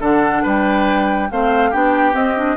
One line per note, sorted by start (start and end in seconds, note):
0.00 0.43 D3
0.00 1.30 D4
0.00 0.43 A4
0.00 0.46 F#5
0.43 1.31 G3
0.43 1.29 B4
0.43 1.32 G5
1.31 1.74 A3
1.31 1.73 C4
1.31 1.71 C5
1.31 1.73 F5
1.71 2.14 B3
1.71 2.13 D4
1.71 2.56 G4
1.71 2.16 G5
2.13 2.35 C4
2.13 2.56 C4
2.13 2.57 D#5
2.36 2.57 D4